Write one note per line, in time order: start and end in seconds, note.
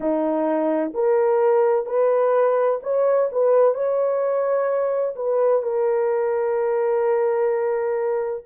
0.00 0.92 D#4
0.94 1.86 A#4
1.86 2.80 B4
2.83 3.29 C#5
3.32 3.74 B4
3.74 5.14 C#5
5.15 5.62 B4
5.62 8.43 A#4